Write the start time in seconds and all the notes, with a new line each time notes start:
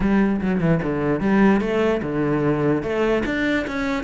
0.00 G3
0.41 F#3
0.60 E3
0.83 D3
1.20 G3
1.60 A3
2.02 D3
2.82 A3
3.25 D4
3.67 C#4